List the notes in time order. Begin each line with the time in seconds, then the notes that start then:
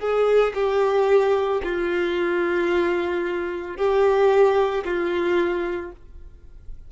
0.00 G#4
0.55 G4
1.63 F4
3.77 G4
4.85 F4